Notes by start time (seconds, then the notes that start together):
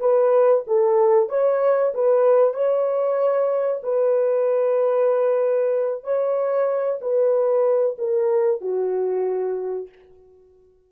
0.00 B4
0.67 A4
1.29 C#5
1.94 B4
2.54 C#5
3.83 B4
6.04 C#5
7.01 B4
7.98 A#4
8.61 F#4